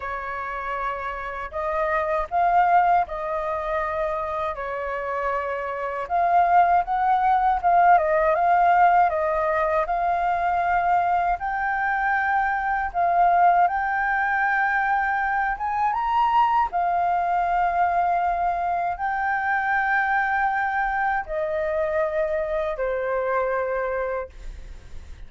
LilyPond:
\new Staff \with { instrumentName = "flute" } { \time 4/4 \tempo 4 = 79 cis''2 dis''4 f''4 | dis''2 cis''2 | f''4 fis''4 f''8 dis''8 f''4 | dis''4 f''2 g''4~ |
g''4 f''4 g''2~ | g''8 gis''8 ais''4 f''2~ | f''4 g''2. | dis''2 c''2 | }